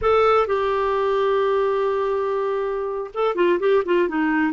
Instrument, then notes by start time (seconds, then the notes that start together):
clarinet
0.01 A4
0.47 G4
3.14 A4
3.35 F4
3.59 G4
3.85 F4
4.08 D#4